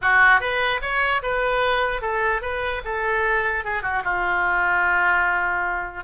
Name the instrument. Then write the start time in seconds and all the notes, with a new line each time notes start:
oboe
0.01 F#4
0.40 B4
0.81 C#5
1.22 B4
2.01 A4
2.41 B4
2.84 A4
3.64 G#4
3.82 F#4
4.04 F4